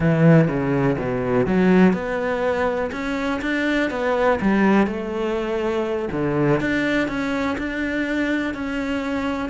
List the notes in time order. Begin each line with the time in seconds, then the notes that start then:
0.00 E3
0.48 C#3
0.98 B2
1.46 F#3
1.93 B3
2.91 C#4
3.41 D4
3.90 B3
4.41 G3
4.86 A3
6.11 D3
6.60 D4
7.08 C#4
7.58 D4
8.54 C#4